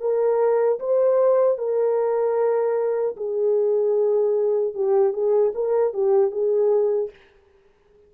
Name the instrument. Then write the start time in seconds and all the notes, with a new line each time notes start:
horn
0.00 A#4
0.79 C5
1.58 A#4
3.17 G#4
4.74 G4
5.13 G#4
5.54 A#4
5.93 G4
6.31 G#4